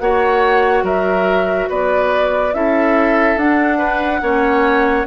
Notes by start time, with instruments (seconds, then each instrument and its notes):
0.00 bassoon A#3, clarinet F#4, oboe C#5, flute F#5
0.83 bassoon F#3, oboe A#4, flute E5
1.70 bassoon B3, oboe B4, flute D5
2.54 bassoon C#4, clarinet E4, oboe A4, flute E5
3.37 bassoon D4, clarinet D4, flute F#5
3.78 oboe B4
4.22 bassoon A#3, clarinet C#4, oboe C#5